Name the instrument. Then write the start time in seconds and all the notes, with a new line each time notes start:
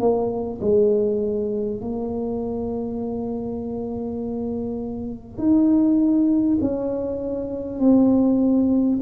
tuba
0.00 A#3
0.62 G#3
1.81 A#3
5.38 D#4
6.62 C#4
7.79 C4